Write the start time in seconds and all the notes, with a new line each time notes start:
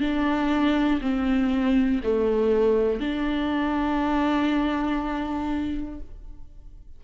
0.00 D4
1.01 C4
2.03 A3
3.00 D4